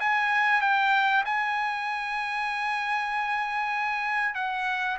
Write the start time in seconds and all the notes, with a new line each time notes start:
0.00 G#5
0.62 G5
1.26 G#5
4.35 F#5